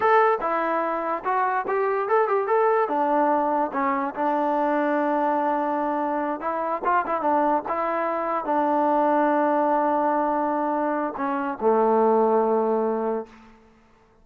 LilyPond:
\new Staff \with { instrumentName = "trombone" } { \time 4/4 \tempo 4 = 145 a'4 e'2 fis'4 | g'4 a'8 g'8 a'4 d'4~ | d'4 cis'4 d'2~ | d'2.~ d'8 e'8~ |
e'8 f'8 e'8 d'4 e'4.~ | e'8 d'2.~ d'8~ | d'2. cis'4 | a1 | }